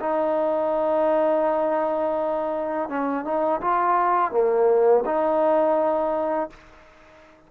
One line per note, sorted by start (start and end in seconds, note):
0.00 2.89 D#4
2.89 3.24 C#4
3.24 3.60 D#4
3.61 4.31 F4
4.31 5.04 A#3
5.05 6.50 D#4